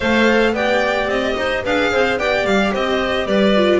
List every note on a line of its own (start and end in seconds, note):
0.00 0.52 A3
0.00 0.56 A4
0.00 0.54 C5
0.00 0.54 F5
0.52 1.06 B3
0.52 1.65 G4
0.52 1.36 D5
0.52 1.09 G5
1.06 1.34 C4
1.06 1.64 D#5
1.36 1.64 D#4
1.36 1.64 C5
1.64 1.92 D4
1.64 2.19 G#4
1.64 1.91 B4
1.64 2.18 F5
1.91 2.17 C4
1.91 2.18 C5
2.17 2.44 B3
2.17 3.55 G4
2.17 2.73 D5
2.17 2.46 G5
2.44 2.72 G3
2.44 2.73 F5
2.73 3.26 C4
2.73 3.27 C5
2.73 3.27 D#5
3.26 3.80 G3
3.26 3.80 B4
3.26 3.80 D5
3.55 3.80 F4